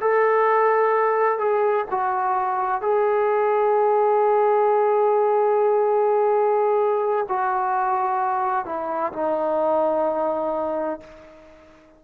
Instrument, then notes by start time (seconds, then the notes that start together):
trombone
0.00 A4
1.38 G#4
1.90 F#4
2.81 G#4
7.28 F#4
8.65 E4
9.12 D#4